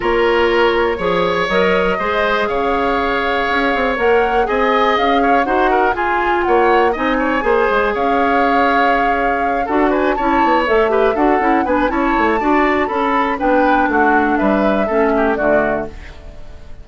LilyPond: <<
  \new Staff \with { instrumentName = "flute" } { \time 4/4 \tempo 4 = 121 cis''2. dis''4~ | dis''4 f''2. | fis''4 gis''4 f''4 fis''4 | gis''4 fis''4 gis''2 |
f''2.~ f''8 fis''8 | gis''8 a''4 e''4 fis''4 gis''8 | a''2 b''4 g''4 | fis''4 e''2 d''4 | }
  \new Staff \with { instrumentName = "oboe" } { \time 4/4 ais'2 cis''2 | c''4 cis''2.~ | cis''4 dis''4. cis''8 c''8 ais'8 | gis'4 cis''4 dis''8 cis''8 c''4 |
cis''2.~ cis''8 a'8 | b'8 cis''4. b'8 a'4 b'8 | cis''4 d''4 a'4 b'4 | fis'4 b'4 a'8 g'8 fis'4 | }
  \new Staff \with { instrumentName = "clarinet" } { \time 4/4 f'2 gis'4 ais'4 | gis'1 | ais'4 gis'2 fis'4 | f'2 dis'4 gis'4~ |
gis'2.~ gis'8 fis'8~ | fis'8 e'4 a'8 g'8 fis'8 e'8 d'8 | e'4 fis'4 a'4 d'4~ | d'2 cis'4 a4 | }
  \new Staff \with { instrumentName = "bassoon" } { \time 4/4 ais2 f4 fis4 | gis4 cis2 cis'8 c'8 | ais4 c'4 cis'4 dis'4 | f'4 ais4 c'4 ais8 gis8 |
cis'2.~ cis'8 d'8~ | d'8 cis'8 b8 a4 d'8 cis'8 b8 | cis'8 a8 d'4 cis'4 b4 | a4 g4 a4 d4 | }
>>